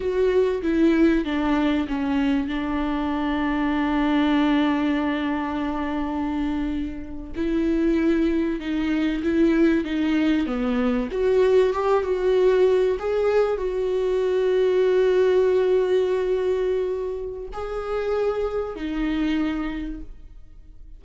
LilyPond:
\new Staff \with { instrumentName = "viola" } { \time 4/4 \tempo 4 = 96 fis'4 e'4 d'4 cis'4 | d'1~ | d'2.~ d'8. e'16~ | e'4.~ e'16 dis'4 e'4 dis'16~ |
dis'8. b4 fis'4 g'8 fis'8.~ | fis'8. gis'4 fis'2~ fis'16~ | fis'1 | gis'2 dis'2 | }